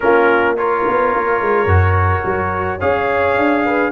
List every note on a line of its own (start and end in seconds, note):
0.00 0.86 A#3
0.00 0.57 C#4
0.00 0.59 F4
0.00 0.56 A#4
0.56 1.67 F4
0.56 2.79 A#4
0.56 2.80 C#5
0.87 1.14 B3
1.14 1.41 A#3
1.41 1.65 G#3
1.65 2.21 F#2
1.65 2.79 F#4
2.25 2.81 F#3
2.79 3.37 C#4
2.79 3.91 G#4
2.79 3.63 C#5
2.79 3.91 F5
3.37 3.91 D4
3.65 3.91 B4